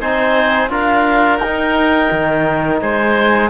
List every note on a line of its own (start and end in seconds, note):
0.00 0.69 C4
0.00 0.69 D#4
0.00 0.70 C5
0.00 0.70 G#5
0.69 1.39 D4
0.69 1.39 F4
0.69 2.81 A#4
0.69 1.37 F5
1.37 2.09 D#4
1.37 2.77 G5
1.44 3.50 D#4
2.11 2.81 D#3
2.81 3.50 G#3
2.81 3.50 C5
2.81 3.50 G#5